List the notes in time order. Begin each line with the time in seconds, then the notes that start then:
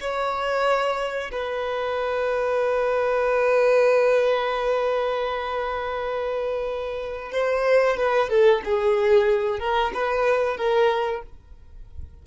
0.00 C#5
1.32 B4
7.32 C5
7.97 B4
8.29 A4
8.65 G#4
9.60 A#4
9.94 B4
10.57 A#4